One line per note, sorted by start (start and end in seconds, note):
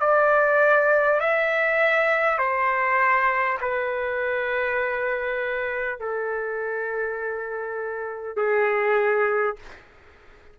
0.00 1.20 D5
1.21 2.38 E5
2.38 3.58 C5
3.61 5.99 B4
5.99 8.36 A4
8.36 9.56 G#4